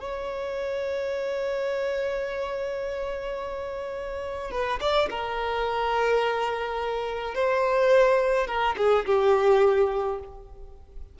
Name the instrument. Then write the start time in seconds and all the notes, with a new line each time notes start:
violin
0.00 C#5
4.51 B4
4.81 D5
5.10 A#4
7.35 C5
8.47 A#4
8.77 G#4
9.06 G4